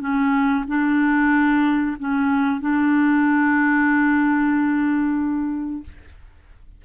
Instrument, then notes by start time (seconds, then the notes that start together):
clarinet
0.00 C#4
0.67 D4
1.99 C#4
2.61 D4